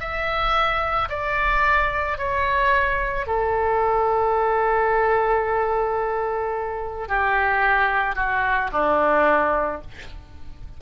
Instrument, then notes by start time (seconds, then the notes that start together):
oboe
0.00 E5
1.10 D5
2.18 C#5
3.27 A4
7.09 G4
8.16 F#4
8.73 D4